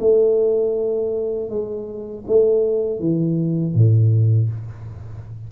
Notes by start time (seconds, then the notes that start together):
0.00 A3
1.49 G#3
2.27 A3
3.00 E3
3.74 A2